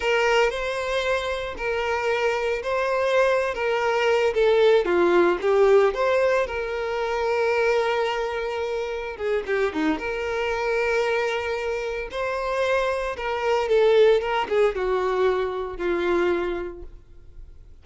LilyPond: \new Staff \with { instrumentName = "violin" } { \time 4/4 \tempo 4 = 114 ais'4 c''2 ais'4~ | ais'4 c''4.~ c''16 ais'4~ ais'16~ | ais'16 a'4 f'4 g'4 c''8.~ | c''16 ais'2.~ ais'8.~ |
ais'4. gis'8 g'8 dis'8 ais'4~ | ais'2. c''4~ | c''4 ais'4 a'4 ais'8 gis'8 | fis'2 f'2 | }